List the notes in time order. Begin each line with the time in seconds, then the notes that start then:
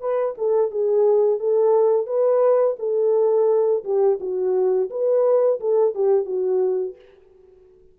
0.00 B4
0.37 A4
0.71 G#4
1.39 A4
2.06 B4
2.79 A4
3.84 G4
4.20 F#4
4.90 B4
5.60 A4
5.95 G4
6.25 F#4